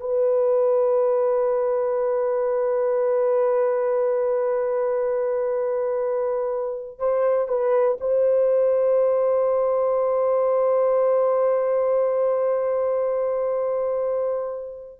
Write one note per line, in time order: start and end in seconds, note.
0.00 6.98 B4
6.98 7.48 C5
7.48 7.98 B4
8.00 15.00 C5